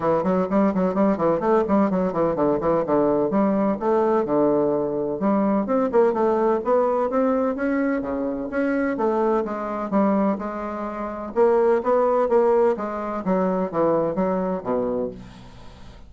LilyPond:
\new Staff \with { instrumentName = "bassoon" } { \time 4/4 \tempo 4 = 127 e8 fis8 g8 fis8 g8 e8 a8 g8 | fis8 e8 d8 e8 d4 g4 | a4 d2 g4 | c'8 ais8 a4 b4 c'4 |
cis'4 cis4 cis'4 a4 | gis4 g4 gis2 | ais4 b4 ais4 gis4 | fis4 e4 fis4 b,4 | }